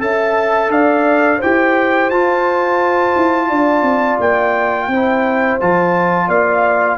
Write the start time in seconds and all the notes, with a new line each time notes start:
0.00 C#4 A4 E5 A5
0.69 D4 D5 F5
1.38 E4 G4 C5 G5
2.10 F4 A5
3.16 E4
3.49 D4 D5
3.82 C4
4.19 A#3 G5
4.88 C4 E4 C5
5.60 F3 F4 A5
6.27 A#3 D5 F5